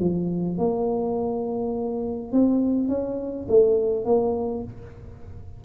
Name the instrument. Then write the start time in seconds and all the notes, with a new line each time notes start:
tuba
0.00 F3
0.58 A#3
2.32 C4
2.89 C#4
3.49 A3
4.05 A#3